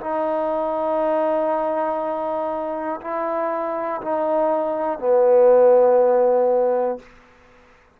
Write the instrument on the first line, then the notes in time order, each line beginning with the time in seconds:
trombone
0.00 D#4
3.01 E4
4.01 D#4
4.99 B3